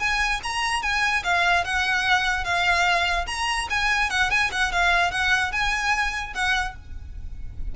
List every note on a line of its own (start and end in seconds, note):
0.00 0.41 G#5
0.44 0.83 A#5
0.83 1.23 G#5
1.24 1.65 F5
1.65 2.45 F#5
2.45 3.26 F5
3.27 3.68 A#5
3.70 4.10 G#5
4.10 4.31 F#5
4.31 4.51 G#5
4.52 4.72 F#5
4.72 5.11 F5
5.11 5.52 F#5
5.52 6.34 G#5
6.35 6.76 F#5